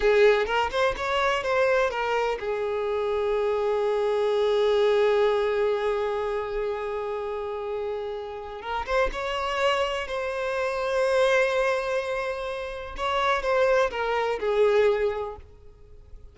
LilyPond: \new Staff \with { instrumentName = "violin" } { \time 4/4 \tempo 4 = 125 gis'4 ais'8 c''8 cis''4 c''4 | ais'4 gis'2.~ | gis'1~ | gis'1~ |
gis'2 ais'8 c''8 cis''4~ | cis''4 c''2.~ | c''2. cis''4 | c''4 ais'4 gis'2 | }